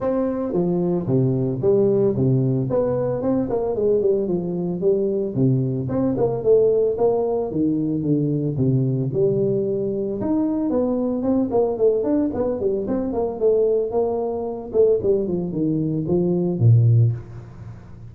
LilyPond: \new Staff \with { instrumentName = "tuba" } { \time 4/4 \tempo 4 = 112 c'4 f4 c4 g4 | c4 b4 c'8 ais8 gis8 g8 | f4 g4 c4 c'8 ais8 | a4 ais4 dis4 d4 |
c4 g2 dis'4 | b4 c'8 ais8 a8 d'8 b8 g8 | c'8 ais8 a4 ais4. a8 | g8 f8 dis4 f4 ais,4 | }